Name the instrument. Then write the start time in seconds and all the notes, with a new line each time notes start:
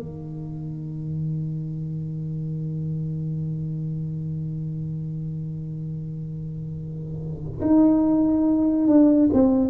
tuba
0.00 D#3
7.61 D#4
8.88 D4
9.33 C4